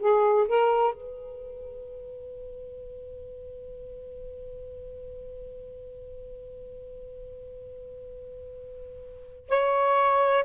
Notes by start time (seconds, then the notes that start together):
0.00 G#4
0.48 A#4
0.94 B4
9.49 C#5